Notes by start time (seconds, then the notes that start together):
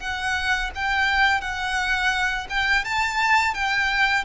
0.00 F#5
0.75 G5
1.41 F#5
2.50 G5
2.85 A5
3.55 G5